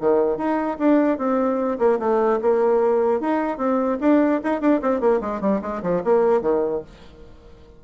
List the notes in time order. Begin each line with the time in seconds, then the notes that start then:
0.00 D#3
0.37 D#4
0.78 D4
1.17 C4
1.78 A#3
1.99 A3
2.41 A#3
3.20 D#4
3.57 C4
4.00 D4
4.43 D#4
4.60 D4
4.81 C4
5.00 A#3
5.20 G#3
5.40 G3
5.61 G#3
5.82 F3
6.04 A#3
6.41 D#3